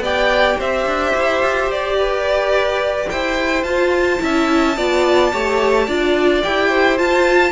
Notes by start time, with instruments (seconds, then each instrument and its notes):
0.00 cello B3, viola G4, violin D5 G5
0.58 cello C4, violin C5 E5
0.86 cello D4
1.16 cello E4
1.43 cello F4
1.67 cello G4, violin D5
1.98 violin B4
3.09 cello E4, violin C5 G5
3.63 cello F4, viola F4, violin A5
4.19 cello C#4, viola E4, violin E5
4.77 cello B3, viola F4, violin D5
5.32 cello A3, viola G4, violin C#5
5.87 cello D4, viola F4, violin D5
6.43 cello E4, viola G4, violin G5
6.69 violin C5
6.98 viola F4, cello F4, violin A5